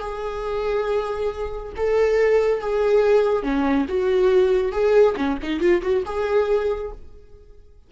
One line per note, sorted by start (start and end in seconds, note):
0.00 1.73 G#4
1.76 2.61 A4
2.61 3.42 G#4
3.42 3.86 C#4
3.88 4.72 F#4
4.72 5.15 G#4
5.16 5.38 C#4
5.42 5.60 D#4
5.60 5.81 F4
5.82 6.03 F#4
6.05 6.92 G#4